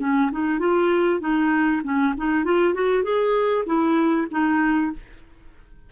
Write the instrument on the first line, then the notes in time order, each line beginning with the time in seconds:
clarinet
0.00 C#4
0.32 D#4
0.60 F4
1.21 D#4
1.84 C#4
2.17 D#4
2.45 F4
2.74 F#4
3.04 G#4
3.66 E4
4.31 D#4